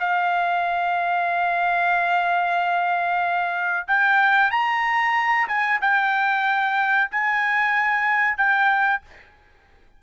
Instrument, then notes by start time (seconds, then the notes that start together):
trumpet
0.00 F5
3.88 G5
4.51 A#5
5.48 G#5
5.82 G5
7.11 G#5
8.38 G5